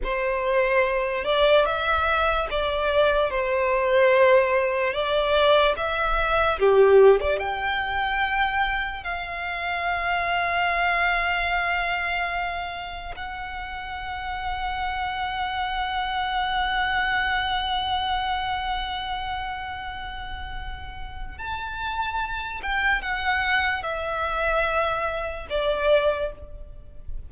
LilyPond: \new Staff \with { instrumentName = "violin" } { \time 4/4 \tempo 4 = 73 c''4. d''8 e''4 d''4 | c''2 d''4 e''4 | g'8. d''16 g''2 f''4~ | f''1 |
fis''1~ | fis''1~ | fis''2 a''4. g''8 | fis''4 e''2 d''4 | }